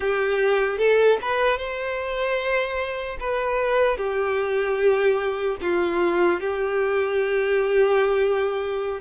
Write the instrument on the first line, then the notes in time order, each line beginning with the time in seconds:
violin
0.00 G4
0.78 A4
1.21 B4
1.57 C5
3.20 B4
3.97 G4
5.61 F4
6.40 G4